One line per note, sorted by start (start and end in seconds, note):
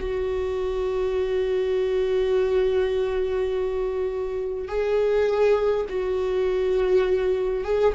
0.00 4.68 F#4
4.68 5.86 G#4
5.89 7.64 F#4
7.64 7.94 G#4